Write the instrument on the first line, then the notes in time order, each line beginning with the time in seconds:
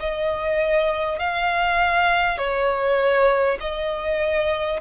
violin
0.00 D#5
1.19 F5
2.38 C#5
3.61 D#5